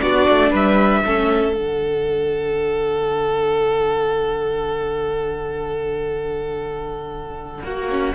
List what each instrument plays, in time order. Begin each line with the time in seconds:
0.00 cello B3, viola D4, violin F#4 D5
0.28 cello A3
0.50 cello G3, violin B4 E5
1.05 cello A3, viola C#4, violin A4
1.53 cello D3, viola D4, violin F#5
7.63 cello A#3, viola F#4, violin F#4
7.89 viola C#4